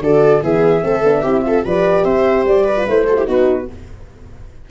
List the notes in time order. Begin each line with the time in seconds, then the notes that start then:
0.00 D3 F#4 A4 D5
0.42 E3 B3 G#4 E5
0.81 A3 C4 A4
1.04 B3 D4
1.22 C4 E4 G4
1.43 F4 A4
1.63 F3 G4 B4 D5
2.04 C4 C5 E5
2.45 G3 D5
2.64 B4
2.76 F4
2.87 A3 E4 C5
3.07 F#4 A4
3.16 E4 G4
3.26 B3 D#4 F#4 B4